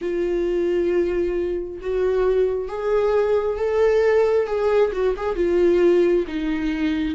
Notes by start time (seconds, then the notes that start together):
0.01 F4
1.81 F#4
2.68 G#4
3.57 A4
4.46 G#4
4.92 F#4
5.16 G#4
5.35 F4
6.27 D#4